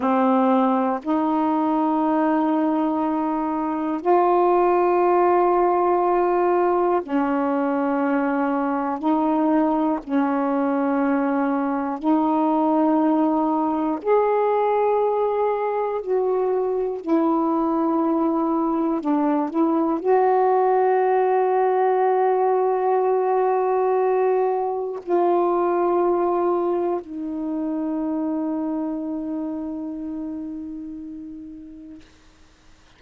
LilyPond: \new Staff \with { instrumentName = "saxophone" } { \time 4/4 \tempo 4 = 60 c'4 dis'2. | f'2. cis'4~ | cis'4 dis'4 cis'2 | dis'2 gis'2 |
fis'4 e'2 d'8 e'8 | fis'1~ | fis'4 f'2 dis'4~ | dis'1 | }